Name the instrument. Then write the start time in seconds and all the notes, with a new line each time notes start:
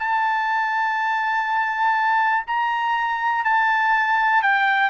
trumpet
0.00 A5
2.47 A#5
3.45 A5
4.43 G5